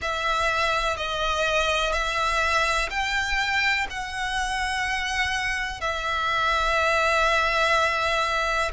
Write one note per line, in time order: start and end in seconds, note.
0.01 0.96 E5
0.96 1.92 D#5
1.92 2.89 E5
2.90 3.87 G5
3.89 5.81 F#5
5.81 8.71 E5